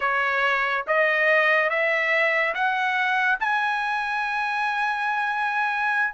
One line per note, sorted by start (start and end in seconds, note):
0.00 0.85 C#5
0.87 1.69 D#5
1.69 2.54 E5
2.54 3.38 F#5
3.40 6.13 G#5